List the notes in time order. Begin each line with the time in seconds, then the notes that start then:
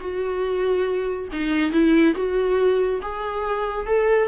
0.00 F#4
1.32 D#4
1.72 E4
2.15 F#4
3.02 G#4
3.86 A4